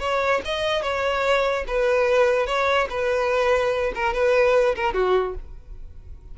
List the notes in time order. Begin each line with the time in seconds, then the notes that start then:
0.00 C#5
0.45 D#5
0.83 C#5
1.68 B4
2.47 C#5
2.90 B4
3.95 A#4
4.13 B4
4.76 A#4
4.94 F#4